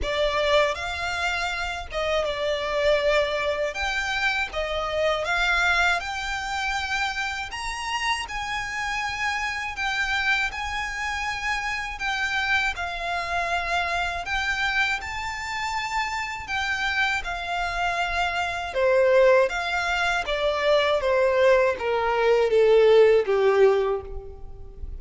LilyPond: \new Staff \with { instrumentName = "violin" } { \time 4/4 \tempo 4 = 80 d''4 f''4. dis''8 d''4~ | d''4 g''4 dis''4 f''4 | g''2 ais''4 gis''4~ | gis''4 g''4 gis''2 |
g''4 f''2 g''4 | a''2 g''4 f''4~ | f''4 c''4 f''4 d''4 | c''4 ais'4 a'4 g'4 | }